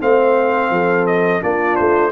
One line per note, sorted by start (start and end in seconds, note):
0.00 0.70 A3
0.00 1.41 C4
0.00 0.72 C5
0.00 1.06 F5
0.70 1.40 F3
0.70 1.42 A4
1.06 1.42 D#5
1.41 1.78 A#3
1.41 2.11 D4
1.41 2.11 F4
1.41 1.76 D5
1.76 2.11 A3
1.76 2.11 C5